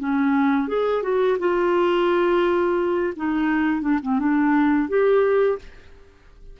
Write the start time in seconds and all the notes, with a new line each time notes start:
0.00 C#4
0.68 G#4
1.03 F#4
1.40 F4
3.16 D#4
3.82 D4
4.03 C4
4.19 D4
4.89 G4